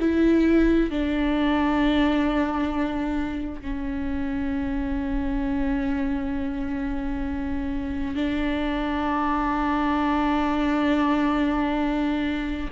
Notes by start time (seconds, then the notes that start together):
0.00 E4
0.90 D4
3.62 C#4
8.15 D4